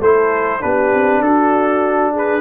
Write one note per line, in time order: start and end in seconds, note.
0.00 0.61 A3
0.00 0.60 E4
0.00 0.61 A4
0.00 0.62 C5
0.60 0.93 B3
0.60 2.41 D4
0.60 1.22 G4
0.60 1.22 B4
0.93 1.21 C4
1.21 2.41 D4
1.21 2.12 F#4
1.21 2.13 A4
2.12 2.41 G#4
2.12 2.41 B4